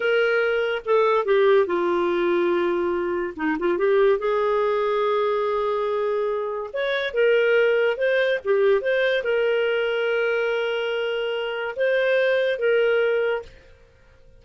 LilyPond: \new Staff \with { instrumentName = "clarinet" } { \time 4/4 \tempo 4 = 143 ais'2 a'4 g'4 | f'1 | dis'8 f'8 g'4 gis'2~ | gis'1 |
cis''4 ais'2 c''4 | g'4 c''4 ais'2~ | ais'1 | c''2 ais'2 | }